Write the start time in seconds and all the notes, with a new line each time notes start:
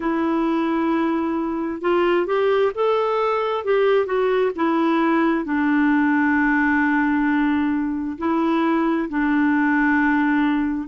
0.00 E4
1.81 F4
2.26 G4
2.74 A4
3.64 G4
4.05 F#4
4.55 E4
5.45 D4
8.18 E4
9.09 D4